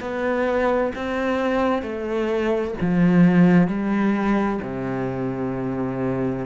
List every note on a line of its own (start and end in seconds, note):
0.00 0.92 B3
0.95 1.82 C4
1.82 2.74 A3
2.80 3.67 F3
3.67 4.59 G3
4.62 6.46 C3